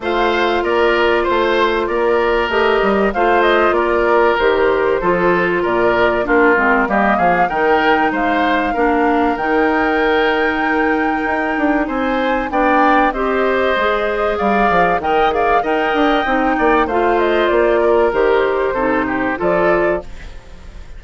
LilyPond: <<
  \new Staff \with { instrumentName = "flute" } { \time 4/4 \tempo 4 = 96 f''4 d''4 c''4 d''4 | dis''4 f''8 dis''8 d''4 c''4~ | c''4 d''4 ais'4 dis''8 f''8 | g''4 f''2 g''4~ |
g''2. gis''4 | g''4 dis''2 f''4 | g''8 f''8 g''2 f''8 dis''8 | d''4 c''2 d''4 | }
  \new Staff \with { instrumentName = "oboe" } { \time 4/4 c''4 ais'4 c''4 ais'4~ | ais'4 c''4 ais'2 | a'4 ais'4 f'4 g'8 gis'8 | ais'4 c''4 ais'2~ |
ais'2. c''4 | d''4 c''2 d''4 | dis''8 d''8 dis''4. d''8 c''4~ | c''8 ais'4. a'8 g'8 a'4 | }
  \new Staff \with { instrumentName = "clarinet" } { \time 4/4 f'1 | g'4 f'2 g'4 | f'2 d'8 c'8 ais4 | dis'2 d'4 dis'4~ |
dis'1 | d'4 g'4 gis'2 | ais'8 gis'8 ais'4 dis'4 f'4~ | f'4 g'4 dis'4 f'4 | }
  \new Staff \with { instrumentName = "bassoon" } { \time 4/4 a4 ais4 a4 ais4 | a8 g8 a4 ais4 dis4 | f4 ais,4 ais8 gis8 g8 f8 | dis4 gis4 ais4 dis4~ |
dis2 dis'8 d'8 c'4 | b4 c'4 gis4 g8 f8 | dis4 dis'8 d'8 c'8 ais8 a4 | ais4 dis4 c4 f4 | }
>>